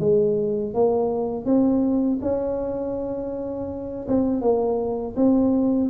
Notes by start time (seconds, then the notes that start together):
0.00 G#3
0.74 A#3
1.45 C4
2.22 C#4
4.08 C4
4.41 A#3
5.16 C4